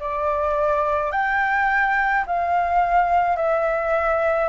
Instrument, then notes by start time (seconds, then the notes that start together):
flute
0.00 D5
1.12 G5
2.27 F5
3.37 E5